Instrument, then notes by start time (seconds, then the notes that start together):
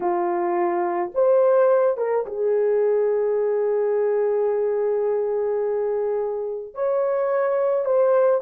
horn
0.00 F4
1.14 C5
1.97 A#4
2.26 G#4
6.74 C#5
7.85 C5